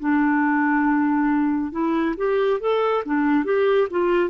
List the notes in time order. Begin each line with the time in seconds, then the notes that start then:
0.00 D4
1.72 E4
2.17 G4
2.60 A4
3.06 D4
3.45 G4
3.91 F4